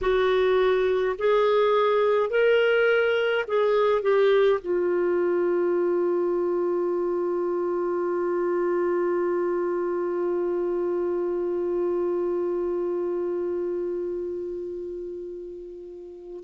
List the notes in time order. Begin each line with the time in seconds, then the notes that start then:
0.01 F#4
1.18 G#4
2.30 A#4
3.47 G#4
4.02 G4
4.61 F4